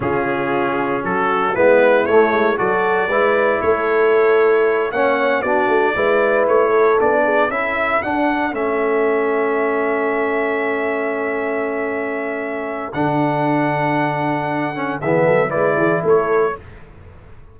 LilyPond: <<
  \new Staff \with { instrumentName = "trumpet" } { \time 4/4 \tempo 4 = 116 gis'2 a'4 b'4 | cis''4 d''2 cis''4~ | cis''4. fis''4 d''4.~ | d''8 cis''4 d''4 e''4 fis''8~ |
fis''8 e''2.~ e''8~ | e''1~ | e''4 fis''2.~ | fis''4 e''4 d''4 cis''4 | }
  \new Staff \with { instrumentName = "horn" } { \time 4/4 f'2 fis'4 e'4~ | e'4 a'4 b'4 a'4~ | a'4. cis''4 fis'4 b'8~ | b'4 a'4 gis'8 a'4.~ |
a'1~ | a'1~ | a'1~ | a'4 gis'8 a'8 b'8 gis'8 a'4 | }
  \new Staff \with { instrumentName = "trombone" } { \time 4/4 cis'2. b4 | a4 fis'4 e'2~ | e'4. cis'4 d'4 e'8~ | e'4. d'4 e'4 d'8~ |
d'8 cis'2.~ cis'8~ | cis'1~ | cis'4 d'2.~ | d'8 cis'8 b4 e'2 | }
  \new Staff \with { instrumentName = "tuba" } { \time 4/4 cis2 fis4 gis4 | a8 gis8 fis4 gis4 a4~ | a4. ais4 b8 a8 gis8~ | gis8 a4 b4 cis'4 d'8~ |
d'8 a2.~ a8~ | a1~ | a4 d2.~ | d4 e8 fis8 gis8 e8 a4 | }
>>